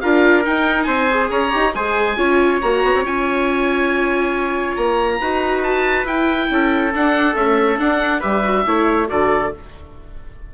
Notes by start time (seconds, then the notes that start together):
0.00 D4 F4 A#4 F5
0.43 D#4 G5
0.83 C4 C5 G#5
1.10 G#4
1.30 C#4 C#5 A#5
1.50 D#4 G4
1.74 G#3 G#4 C5 G#5
2.17 C#4 F4 C#5
2.61 A#3 F#4 A#5
2.83 B3
2.95 C4
3.03 C#4 F4 G#5
4.76 A#3 A#5
5.20 D#4 F#4 B4
5.63 A5
6.04 E4 G5
6.50 C#4 A4
6.95 D4 F#5
7.34 A3 C#4 E5
7.78 D4 F#5
8.20 G3 G4 B4 E5
8.44 F#4
8.66 A3 E4 C#5
9.08 D3 F#4 A4 D5